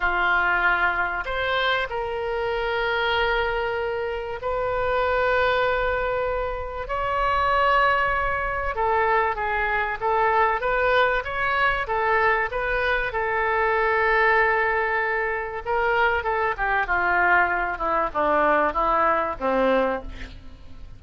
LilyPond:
\new Staff \with { instrumentName = "oboe" } { \time 4/4 \tempo 4 = 96 f'2 c''4 ais'4~ | ais'2. b'4~ | b'2. cis''4~ | cis''2 a'4 gis'4 |
a'4 b'4 cis''4 a'4 | b'4 a'2.~ | a'4 ais'4 a'8 g'8 f'4~ | f'8 e'8 d'4 e'4 c'4 | }